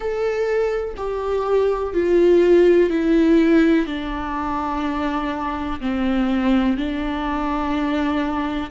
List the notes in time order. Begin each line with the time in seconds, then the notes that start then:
0.00 A4
0.96 G4
1.93 F4
2.90 E4
3.86 D4
5.80 C4
6.77 D4